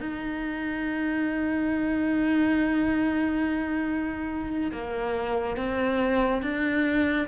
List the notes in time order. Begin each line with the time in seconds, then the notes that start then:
0.00 D#4
4.71 A#3
5.57 C4
6.42 D4